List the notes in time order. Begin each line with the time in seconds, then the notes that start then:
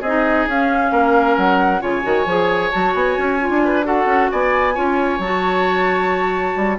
0.00 C4 G#4 D#5
0.06 D#4
0.47 C#4 F5
0.91 A#3 A#4
1.36 F#3 F#5
1.80 C#3 F4 C#5 G#5
2.03 D#3 F#4
2.25 F3 G#4
2.71 F#3 F#4 A5
2.94 B3 G#5
3.17 C#4
3.39 F4
3.49 D4
3.64 B4
3.83 F#4 A4 F#5
4.05 C#4
4.31 B3 D5 G#5
4.74 C#4 F4 C#5
5.19 F#3 F#4 A5
6.56 G3